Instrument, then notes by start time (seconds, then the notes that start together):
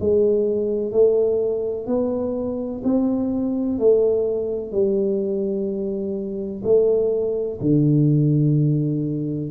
tuba
0.00 G#3
0.92 A3
1.87 B3
2.84 C4
3.79 A3
4.72 G3
6.64 A3
7.61 D3